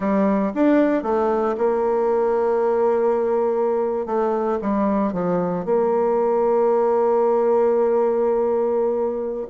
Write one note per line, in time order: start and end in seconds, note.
0.00 0.52 G3
0.54 1.03 D4
1.03 1.55 A3
1.57 4.06 A#3
4.06 4.58 A3
4.61 5.12 G3
5.12 5.65 F3
5.65 9.46 A#3